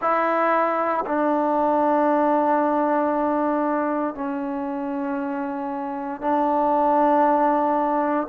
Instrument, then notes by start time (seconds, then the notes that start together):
trombone
0.01 E4
1.06 D4
4.14 C#4
6.21 D4